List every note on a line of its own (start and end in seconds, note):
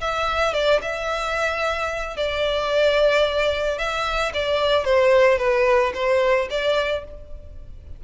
0.00 0.53 E5
0.53 0.80 D5
0.81 2.16 E5
2.16 3.78 D5
3.78 4.32 E5
4.33 4.84 D5
4.84 5.38 C5
5.38 5.92 B4
5.94 6.48 C5
6.50 7.04 D5